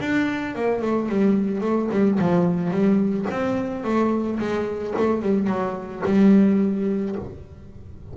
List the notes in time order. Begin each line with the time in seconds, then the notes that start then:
0.00 D4
0.55 A#3
0.82 A3
1.09 G3
1.61 A3
1.91 G3
2.19 F3
2.70 G3
3.31 C4
3.84 A3
4.39 G#3
4.97 A3
5.22 G3
5.47 F#3
6.05 G3